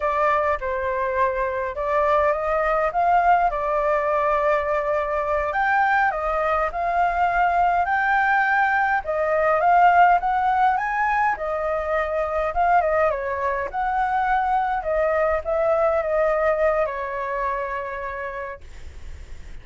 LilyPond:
\new Staff \with { instrumentName = "flute" } { \time 4/4 \tempo 4 = 103 d''4 c''2 d''4 | dis''4 f''4 d''2~ | d''4. g''4 dis''4 f''8~ | f''4. g''2 dis''8~ |
dis''8 f''4 fis''4 gis''4 dis''8~ | dis''4. f''8 dis''8 cis''4 fis''8~ | fis''4. dis''4 e''4 dis''8~ | dis''4 cis''2. | }